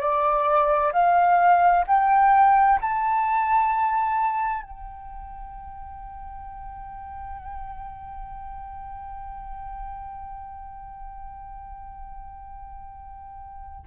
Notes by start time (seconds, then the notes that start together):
0.00 D5
0.93 F5
1.87 G5
2.82 A5
4.63 G5